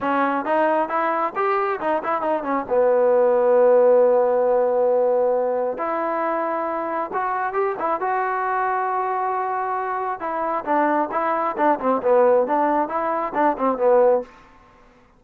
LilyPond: \new Staff \with { instrumentName = "trombone" } { \time 4/4 \tempo 4 = 135 cis'4 dis'4 e'4 g'4 | dis'8 e'8 dis'8 cis'8 b2~ | b1~ | b4 e'2. |
fis'4 g'8 e'8 fis'2~ | fis'2. e'4 | d'4 e'4 d'8 c'8 b4 | d'4 e'4 d'8 c'8 b4 | }